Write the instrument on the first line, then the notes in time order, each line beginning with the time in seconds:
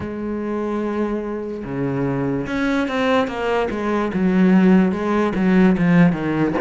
cello
0.00 G#3
1.64 C#3
2.47 C#4
2.88 C4
3.27 A#3
3.70 G#3
4.13 F#3
4.91 G#3
5.35 F#3
5.77 F3
6.12 D#3